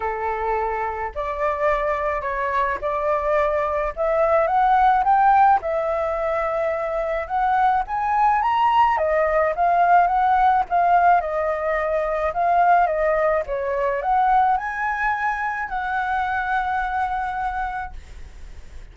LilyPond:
\new Staff \with { instrumentName = "flute" } { \time 4/4 \tempo 4 = 107 a'2 d''2 | cis''4 d''2 e''4 | fis''4 g''4 e''2~ | e''4 fis''4 gis''4 ais''4 |
dis''4 f''4 fis''4 f''4 | dis''2 f''4 dis''4 | cis''4 fis''4 gis''2 | fis''1 | }